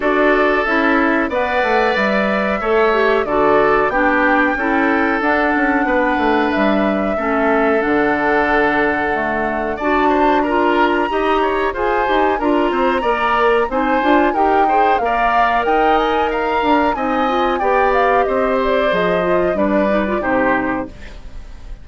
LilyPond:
<<
  \new Staff \with { instrumentName = "flute" } { \time 4/4 \tempo 4 = 92 d''4 e''4 fis''4 e''4~ | e''4 d''4 g''2 | fis''2 e''2 | fis''2. a''4 |
ais''2 gis''4 ais''4~ | ais''4 gis''4 g''4 f''4 | g''8 gis''8 ais''4 gis''4 g''8 f''8 | dis''8 d''8 dis''4 d''4 c''4 | }
  \new Staff \with { instrumentName = "oboe" } { \time 4/4 a'2 d''2 | cis''4 a'4 g'4 a'4~ | a'4 b'2 a'4~ | a'2. d''8 c''8 |
ais'4 dis''8 cis''8 c''4 ais'8 c''8 | d''4 c''4 ais'8 c''8 d''4 | dis''4 f''4 dis''4 d''4 | c''2 b'4 g'4 | }
  \new Staff \with { instrumentName = "clarinet" } { \time 4/4 fis'4 e'4 b'2 | a'8 g'8 fis'4 d'4 e'4 | d'2. cis'4 | d'2 a4 fis'4 |
f'4 g'4 gis'8 g'8 f'4 | ais'4 dis'8 f'8 g'8 gis'8 ais'4~ | ais'2 dis'8 f'8 g'4~ | g'4 gis'8 f'8 d'8 dis'16 f'16 dis'4 | }
  \new Staff \with { instrumentName = "bassoon" } { \time 4/4 d'4 cis'4 b8 a8 g4 | a4 d4 b4 cis'4 | d'8 cis'8 b8 a8 g4 a4 | d2. d'4~ |
d'4 dis'4 f'8 dis'8 d'8 c'8 | ais4 c'8 d'8 dis'4 ais4 | dis'4. d'8 c'4 b4 | c'4 f4 g4 c4 | }
>>